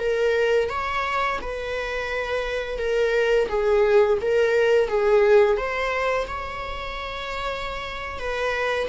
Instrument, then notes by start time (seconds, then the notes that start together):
viola
0.00 A#4
0.70 C#5
1.42 B4
2.79 A#4
3.49 G#4
4.22 A#4
4.89 G#4
5.58 C5
6.28 C#5
8.19 B4